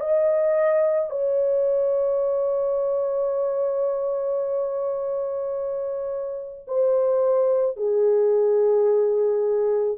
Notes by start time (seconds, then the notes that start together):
0.00 D#5
1.11 C#5
6.68 C5
7.77 G#4